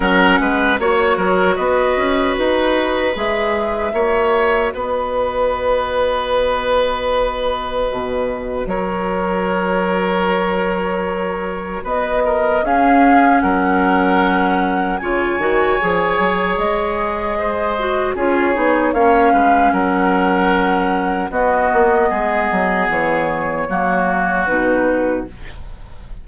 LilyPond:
<<
  \new Staff \with { instrumentName = "flute" } { \time 4/4 \tempo 4 = 76 fis''4 cis''4 dis''4 b'4 | e''2 dis''2~ | dis''2. cis''4~ | cis''2. dis''4 |
f''4 fis''2 gis''4~ | gis''4 dis''2 cis''4 | f''4 fis''2 dis''4~ | dis''4 cis''2 b'4 | }
  \new Staff \with { instrumentName = "oboe" } { \time 4/4 ais'8 b'8 cis''8 ais'8 b'2~ | b'4 cis''4 b'2~ | b'2. ais'4~ | ais'2. b'8 ais'8 |
gis'4 ais'2 cis''4~ | cis''2 c''4 gis'4 | cis''8 b'8 ais'2 fis'4 | gis'2 fis'2 | }
  \new Staff \with { instrumentName = "clarinet" } { \time 4/4 cis'4 fis'2. | gis'4 fis'2.~ | fis'1~ | fis'1 |
cis'2. f'8 fis'8 | gis'2~ gis'8 fis'8 f'8 dis'8 | cis'2. b4~ | b2 ais4 dis'4 | }
  \new Staff \with { instrumentName = "bassoon" } { \time 4/4 fis8 gis8 ais8 fis8 b8 cis'8 dis'4 | gis4 ais4 b2~ | b2 b,4 fis4~ | fis2. b4 |
cis'4 fis2 cis8 dis8 | f8 fis8 gis2 cis'8 b8 | ais8 gis8 fis2 b8 ais8 | gis8 fis8 e4 fis4 b,4 | }
>>